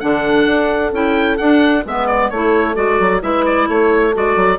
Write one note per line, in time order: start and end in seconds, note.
0.00 0.46 D3
0.00 0.93 D4
0.00 1.86 A4
0.00 0.92 F#5
0.46 0.92 D4
0.92 1.38 C#4
0.92 1.39 E4
0.92 1.38 G5
1.38 1.85 D4
1.38 1.84 F#5
1.85 2.31 G#3
1.85 2.33 B3
1.85 2.33 B4
1.85 2.07 E5
2.07 2.30 D5
2.30 2.77 A3
2.30 2.75 E4
2.30 3.23 A4
2.30 2.76 C#5
2.75 3.00 G#3
2.75 3.21 F#4
2.75 3.22 D5
3.00 3.23 F#3
3.21 3.69 G#3
3.21 4.13 E4
3.21 3.66 B4
3.21 3.45 E5
3.46 3.69 D5
3.66 4.14 A3
3.66 4.58 A4
3.66 4.15 C#5
4.13 4.36 G#3
4.13 4.59 F#4
4.13 4.59 D5
4.36 4.59 F#3